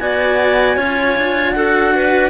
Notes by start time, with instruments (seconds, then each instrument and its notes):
0.00 cello B3 F#4, clarinet D5 G#5
0.77 cello C#4 F4, clarinet C#5
1.17 cello D4
1.52 cello F#4, clarinet A4 F#5
1.96 clarinet B4